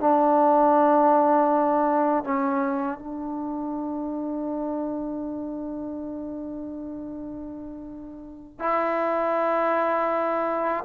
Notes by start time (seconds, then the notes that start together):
0.00 D4
2.24 C#4
2.99 D4
8.59 E4